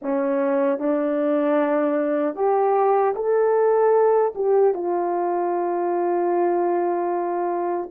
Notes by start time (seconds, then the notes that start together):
0.01 C#4
0.79 D4
2.35 G4
3.15 A4
4.35 G4
4.74 F4